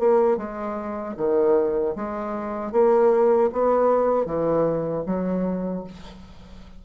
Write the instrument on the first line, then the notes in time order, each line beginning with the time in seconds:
bassoon
0.00 A#3
0.38 G#3
1.17 D#3
1.96 G#3
2.73 A#3
3.53 B3
4.26 E3
5.06 F#3